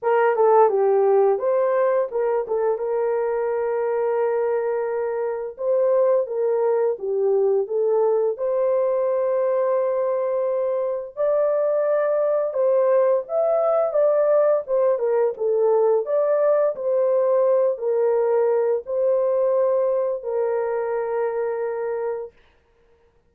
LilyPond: \new Staff \with { instrumentName = "horn" } { \time 4/4 \tempo 4 = 86 ais'8 a'8 g'4 c''4 ais'8 a'8 | ais'1 | c''4 ais'4 g'4 a'4 | c''1 |
d''2 c''4 e''4 | d''4 c''8 ais'8 a'4 d''4 | c''4. ais'4. c''4~ | c''4 ais'2. | }